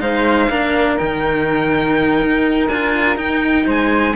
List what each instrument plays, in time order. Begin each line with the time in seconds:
0.00 cello G#3 D#4, flute C5, violin F5
0.49 cello A#3 D4, flute A#4
0.97 cello D#3 D#4, violin G5
2.21 cello D#4
2.68 cello D4 F4, violin G#5
3.16 cello D#4, violin G5
3.66 cello G#3, flute C5, violin G#5